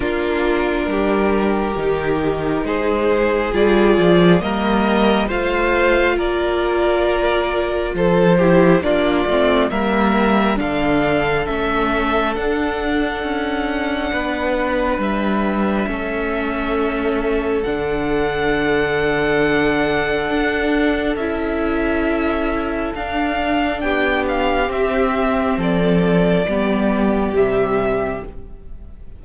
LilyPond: <<
  \new Staff \with { instrumentName = "violin" } { \time 4/4 \tempo 4 = 68 ais'2. c''4 | d''4 dis''4 f''4 d''4~ | d''4 c''4 d''4 e''4 | f''4 e''4 fis''2~ |
fis''4 e''2. | fis''1 | e''2 f''4 g''8 f''8 | e''4 d''2 e''4 | }
  \new Staff \with { instrumentName = "violin" } { \time 4/4 f'4 g'2 gis'4~ | gis'4 ais'4 c''4 ais'4~ | ais'4 a'8 g'8 f'4 ais'4 | a'1 |
b'2 a'2~ | a'1~ | a'2. g'4~ | g'4 a'4 g'2 | }
  \new Staff \with { instrumentName = "viola" } { \time 4/4 d'2 dis'2 | f'4 ais4 f'2~ | f'4. e'8 d'8 c'8 ais4 | d'4 cis'4 d'2~ |
d'2 cis'2 | d'1 | e'2 d'2 | c'2 b4 g4 | }
  \new Staff \with { instrumentName = "cello" } { \time 4/4 ais4 g4 dis4 gis4 | g8 f8 g4 a4 ais4~ | ais4 f4 ais8 a8 g4 | d4 a4 d'4 cis'4 |
b4 g4 a2 | d2. d'4 | cis'2 d'4 b4 | c'4 f4 g4 c4 | }
>>